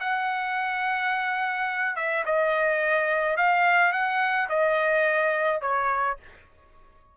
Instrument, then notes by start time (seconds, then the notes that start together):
trumpet
0.00 F#5
1.96 E5
2.26 D#5
3.37 F5
3.93 F#5
4.49 D#5
5.61 C#5